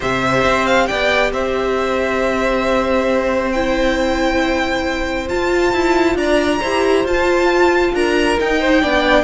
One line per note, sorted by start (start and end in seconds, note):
0.00 0.43 C3
0.00 3.52 G4
0.00 0.87 C5
0.00 0.66 E5
0.43 0.87 C4
0.66 0.86 F5
0.86 1.32 B3
0.86 1.32 D5
0.86 1.31 G5
1.32 5.29 C4
1.32 6.17 C5
1.32 3.51 E5
3.51 5.27 E4
3.51 5.28 G5
5.27 6.59 F4
5.27 5.73 F4
5.27 6.17 A5
5.73 6.15 E4
6.15 6.59 D4
6.15 6.60 D5
6.15 7.05 A#5
6.60 7.04 E4
6.60 7.07 G4
6.60 7.92 C5
7.04 7.93 F4
7.04 8.39 F4
7.04 7.95 A5
7.93 8.37 D4
7.93 8.60 A#4
7.93 8.39 A#5
8.39 8.81 D#4
8.39 8.83 D#4
8.39 9.24 G5
8.60 8.81 C5
8.81 9.24 B3
8.81 9.24 D4
8.81 9.24 D5